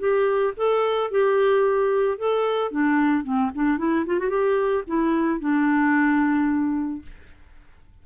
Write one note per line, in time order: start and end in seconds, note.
0.00 0.54 G4
0.57 1.11 A4
1.11 2.18 G4
2.18 2.72 A4
2.72 3.24 D4
3.24 3.51 C4
3.55 3.79 D4
3.79 4.06 E4
4.07 4.20 F4
4.20 4.30 F#4
4.30 4.84 G4
4.88 5.41 E4
5.41 7.03 D4